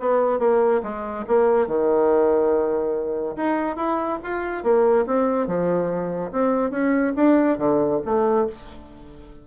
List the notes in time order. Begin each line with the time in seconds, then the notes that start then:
0.00 B3
0.39 A#3
0.83 G#3
1.28 A#3
1.67 D#3
3.36 D#4
3.76 E4
4.24 F4
4.63 A#3
5.06 C4
5.47 F3
6.32 C4
6.71 C#4
7.16 D4
7.58 D3
8.05 A3